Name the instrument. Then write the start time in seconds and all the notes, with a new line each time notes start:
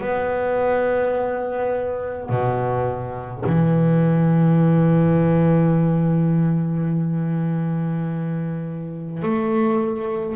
double bass
0.00 B3
2.29 B2
3.46 E3
9.22 A3